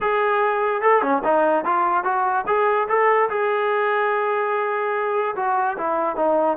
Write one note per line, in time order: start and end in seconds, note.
0.00 0.81 G#4
0.81 1.02 A4
1.02 1.22 C#4
1.23 1.64 D#4
1.64 2.04 F4
2.04 2.45 F#4
2.46 2.87 G#4
2.88 3.29 A4
3.29 5.35 G#4
5.35 5.76 F#4
5.77 6.16 E4
6.16 6.57 D#4